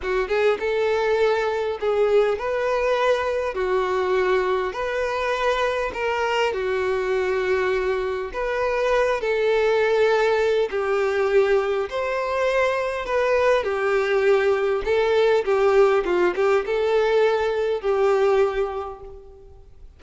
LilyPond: \new Staff \with { instrumentName = "violin" } { \time 4/4 \tempo 4 = 101 fis'8 gis'8 a'2 gis'4 | b'2 fis'2 | b'2 ais'4 fis'4~ | fis'2 b'4. a'8~ |
a'2 g'2 | c''2 b'4 g'4~ | g'4 a'4 g'4 f'8 g'8 | a'2 g'2 | }